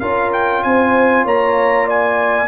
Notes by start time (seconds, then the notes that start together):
0.00 C#4 F4 A#4 F5
0.33 G5
0.63 C4 C5 G#5
1.25 A#3 C#5 A#5
1.87 D5 G#5